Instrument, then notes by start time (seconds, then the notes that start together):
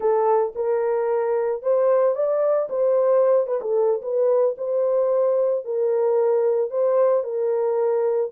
horn
0.00 A4
0.55 A#4
1.62 C5
2.15 D5
2.69 C5
3.47 B4
3.61 A4
4.02 B4
4.57 C5
5.64 A#4
6.70 C5
7.23 A#4